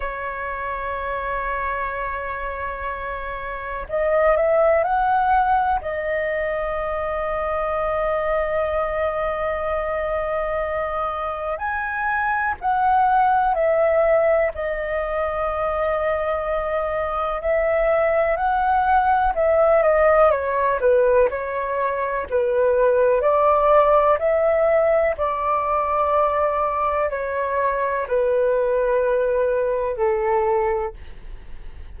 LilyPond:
\new Staff \with { instrumentName = "flute" } { \time 4/4 \tempo 4 = 62 cis''1 | dis''8 e''8 fis''4 dis''2~ | dis''1 | gis''4 fis''4 e''4 dis''4~ |
dis''2 e''4 fis''4 | e''8 dis''8 cis''8 b'8 cis''4 b'4 | d''4 e''4 d''2 | cis''4 b'2 a'4 | }